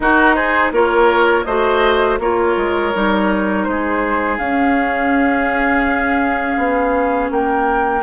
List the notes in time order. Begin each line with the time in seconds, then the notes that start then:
0.00 D#4 F#4 A#4
0.34 G#4 C5
0.71 A#3 F4 A#4 C#5
1.44 A3 F#4 C5 D#5
2.19 A#3 F4 A#4 C#5
2.56 G#3
2.94 G3 D#4
3.63 G#3 C5
3.71 G#4
4.37 C#4 F5
6.57 B3
7.30 A#3 A#4 G5